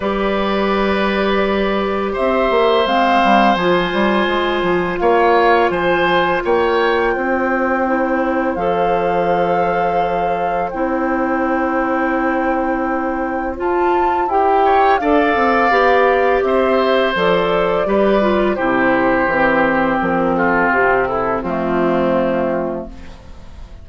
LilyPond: <<
  \new Staff \with { instrumentName = "flute" } { \time 4/4 \tempo 4 = 84 d''2. e''4 | f''4 gis''2 f''4 | gis''4 g''2. | f''2. g''4~ |
g''2. a''4 | g''4 f''2 e''4 | d''2 c''2 | ais'8 a'8 g'8 a'8 f'2 | }
  \new Staff \with { instrumentName = "oboe" } { \time 4/4 b'2. c''4~ | c''2. cis''4 | c''4 cis''4 c''2~ | c''1~ |
c''1~ | c''8 cis''8 d''2 c''4~ | c''4 b'4 g'2~ | g'8 f'4 e'8 c'2 | }
  \new Staff \with { instrumentName = "clarinet" } { \time 4/4 g'1 | c'4 f'2.~ | f'2. e'4 | a'2. e'4~ |
e'2. f'4 | g'4 a'4 g'2 | a'4 g'8 f'8 e'4 c'4~ | c'2 a2 | }
  \new Staff \with { instrumentName = "bassoon" } { \time 4/4 g2. c'8 ais8 | gis8 g8 f8 g8 gis8 f8 ais4 | f4 ais4 c'2 | f2. c'4~ |
c'2. f'4 | e'4 d'8 c'8 b4 c'4 | f4 g4 c4 e4 | f4 c4 f2 | }
>>